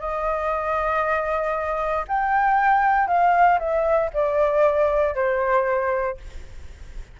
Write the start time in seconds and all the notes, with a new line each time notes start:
0.00 D#5
2.08 G5
3.07 F5
3.59 E5
4.14 D5
5.15 C5